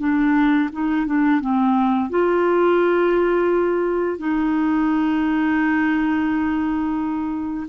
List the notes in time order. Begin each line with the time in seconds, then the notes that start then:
0.00 D4
0.73 D#4
1.07 D4
1.41 C4
2.10 F4
4.19 D#4